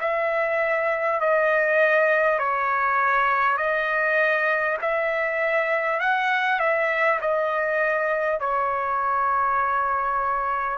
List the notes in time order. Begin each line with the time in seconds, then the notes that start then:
0.00 E5
1.20 D#5
2.38 C#5
3.57 D#5
4.81 E5
6.00 F#5
6.59 E5
7.21 D#5
8.40 C#5